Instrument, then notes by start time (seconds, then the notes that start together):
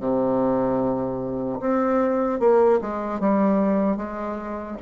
bassoon
0.00 C3
1.60 C4
2.40 A#3
2.81 G#3
3.20 G3
3.97 G#3